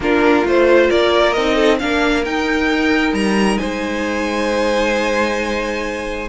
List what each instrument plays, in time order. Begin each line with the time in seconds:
0.00 cello A#3, viola D4, violin F4 A#4
0.44 cello A3, viola F4, violin C5
0.88 cello A#3, violin A#4 D5
1.32 cello C4, viola D#4, violin D#5
1.54 violin A4
1.79 cello A#3, viola D4, violin A#4 F5
2.24 viola D#4, cello D#4, violin G5
3.12 cello G3, violin A#5
3.57 cello G#3, violin C5 G#5